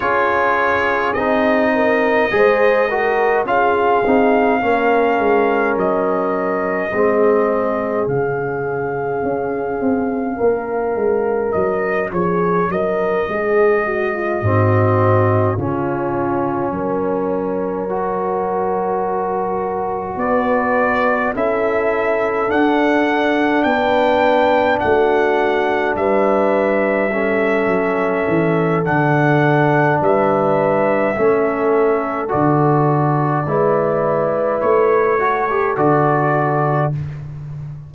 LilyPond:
<<
  \new Staff \with { instrumentName = "trumpet" } { \time 4/4 \tempo 4 = 52 cis''4 dis''2 f''4~ | f''4 dis''2 f''4~ | f''2 dis''8 cis''8 dis''4~ | dis''4. cis''2~ cis''8~ |
cis''4. d''4 e''4 fis''8~ | fis''8 g''4 fis''4 e''4.~ | e''4 fis''4 e''2 | d''2 cis''4 d''4 | }
  \new Staff \with { instrumentName = "horn" } { \time 4/4 gis'4. ais'8 c''8 ais'8 gis'4 | ais'2 gis'2~ | gis'4 ais'4. gis'8 ais'8 gis'8 | fis'16 f'16 fis'4 f'4 ais'4.~ |
ais'4. b'4 a'4.~ | a'8 b'4 fis'4 b'4 a'8~ | a'2 b'4 a'4~ | a'4 b'4. a'4. | }
  \new Staff \with { instrumentName = "trombone" } { \time 4/4 f'4 dis'4 gis'8 fis'8 f'8 dis'8 | cis'2 c'4 cis'4~ | cis'1~ | cis'8 c'4 cis'2 fis'8~ |
fis'2~ fis'8 e'4 d'8~ | d'2.~ d'8 cis'8~ | cis'4 d'2 cis'4 | fis'4 e'4. fis'16 g'16 fis'4 | }
  \new Staff \with { instrumentName = "tuba" } { \time 4/4 cis'4 c'4 gis4 cis'8 c'8 | ais8 gis8 fis4 gis4 cis4 | cis'8 c'8 ais8 gis8 fis8 f8 fis8 gis8~ | gis8 gis,4 cis4 fis4.~ |
fis4. b4 cis'4 d'8~ | d'8 b4 a4 g4. | fis8 e8 d4 g4 a4 | d4 gis4 a4 d4 | }
>>